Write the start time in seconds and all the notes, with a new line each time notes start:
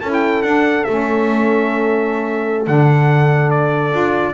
0.00 C#4 E4 A4 A5
0.13 G5
0.43 D4 F#5
0.84 A3 C#4 E5
2.66 D3 D4 F#5
3.50 D5
3.91 D4 F4